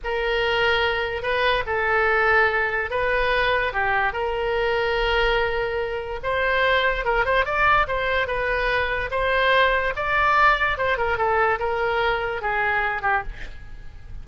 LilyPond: \new Staff \with { instrumentName = "oboe" } { \time 4/4 \tempo 4 = 145 ais'2. b'4 | a'2. b'4~ | b'4 g'4 ais'2~ | ais'2. c''4~ |
c''4 ais'8 c''8 d''4 c''4 | b'2 c''2 | d''2 c''8 ais'8 a'4 | ais'2 gis'4. g'8 | }